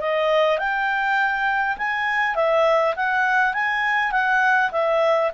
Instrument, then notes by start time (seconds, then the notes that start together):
clarinet
0.00 D#5
0.58 G5
1.77 G#5
2.35 E5
2.96 F#5
3.53 G#5
4.11 F#5
4.71 E5